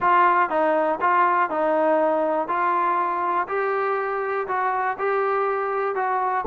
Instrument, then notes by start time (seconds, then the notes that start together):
trombone
0.00 F4
0.49 D#4
1.00 F4
1.50 D#4
2.47 F4
3.48 G4
4.47 F#4
4.98 G4
5.95 F#4